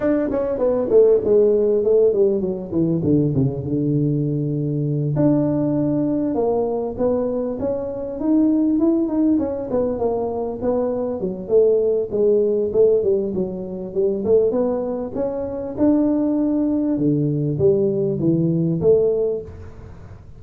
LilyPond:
\new Staff \with { instrumentName = "tuba" } { \time 4/4 \tempo 4 = 99 d'8 cis'8 b8 a8 gis4 a8 g8 | fis8 e8 d8 cis8 d2~ | d8 d'2 ais4 b8~ | b8 cis'4 dis'4 e'8 dis'8 cis'8 |
b8 ais4 b4 fis8 a4 | gis4 a8 g8 fis4 g8 a8 | b4 cis'4 d'2 | d4 g4 e4 a4 | }